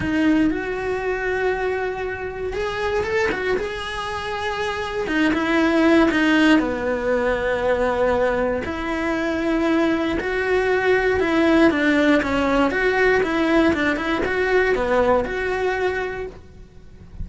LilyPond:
\new Staff \with { instrumentName = "cello" } { \time 4/4 \tempo 4 = 118 dis'4 fis'2.~ | fis'4 gis'4 a'8 fis'8 gis'4~ | gis'2 dis'8 e'4. | dis'4 b2.~ |
b4 e'2. | fis'2 e'4 d'4 | cis'4 fis'4 e'4 d'8 e'8 | fis'4 b4 fis'2 | }